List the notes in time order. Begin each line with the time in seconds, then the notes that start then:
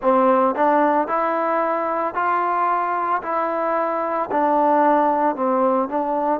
0.01 C4
0.55 D4
1.07 E4
2.14 F4
3.22 E4
4.31 D4
5.35 C4
5.88 D4